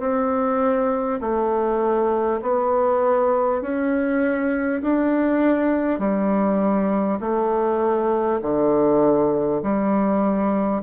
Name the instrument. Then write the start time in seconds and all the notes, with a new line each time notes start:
bassoon
0.00 C4
1.21 A3
2.42 B3
3.62 C#4
4.82 D4
5.99 G3
7.21 A3
8.42 D3
9.63 G3